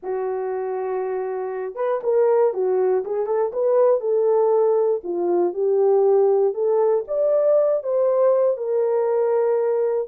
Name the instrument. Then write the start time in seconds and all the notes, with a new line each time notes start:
horn
0.02 F#4
1.75 B4
2.03 A#4
2.53 F#4
3.04 G#4
3.26 A4
3.52 B4
4.00 A4
5.03 F4
5.53 G4
6.54 A4
7.07 D5
7.83 C5
8.57 A#4